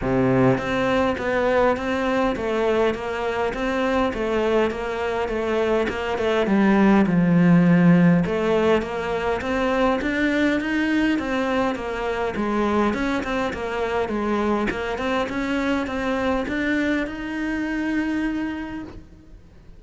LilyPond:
\new Staff \with { instrumentName = "cello" } { \time 4/4 \tempo 4 = 102 c4 c'4 b4 c'4 | a4 ais4 c'4 a4 | ais4 a4 ais8 a8 g4 | f2 a4 ais4 |
c'4 d'4 dis'4 c'4 | ais4 gis4 cis'8 c'8 ais4 | gis4 ais8 c'8 cis'4 c'4 | d'4 dis'2. | }